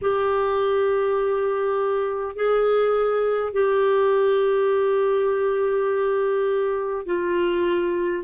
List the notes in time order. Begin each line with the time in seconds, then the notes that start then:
0.01 G4
2.35 G#4
3.52 G4
7.05 F4